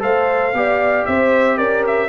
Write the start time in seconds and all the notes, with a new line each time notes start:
0.00 A3 A4 C5 F5
0.54 B3 G4 D5
1.06 C4 C5 E5
1.57 C#4 A#4 D5
1.87 E5